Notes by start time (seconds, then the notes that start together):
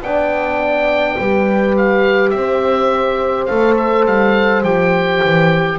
0.00 B3 D4 D5 G5
1.18 G3 G4 B4
1.76 F5
2.30 C4 E5
2.37 C5
3.45 A3 A4 F5
3.76 E5
4.05 G3 F5
4.63 F3 G4 G5
5.24 E3